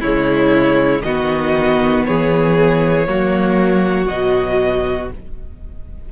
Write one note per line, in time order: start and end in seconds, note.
0.00 1.02 C#3
0.00 1.05 G#3
0.00 1.02 E4
0.00 1.01 C#5
1.01 2.03 D#3
1.01 3.06 B3
1.01 2.06 F#4
1.01 2.03 D#5
2.05 3.07 E3
2.05 3.08 G#4
2.05 4.07 C#5
3.06 4.08 F#3
3.06 4.07 A#3
3.06 5.12 F#4
4.07 5.11 B2
4.07 5.08 F#3
4.07 5.08 D#5